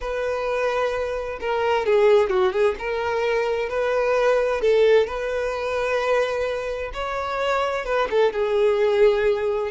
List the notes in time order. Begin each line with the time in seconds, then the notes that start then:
0.00 B4
1.40 A#4
1.86 G#4
2.29 F#4
2.52 G#4
2.78 A#4
3.69 B4
4.61 A4
5.06 B4
6.93 C#5
7.85 B4
8.10 A4
8.32 G#4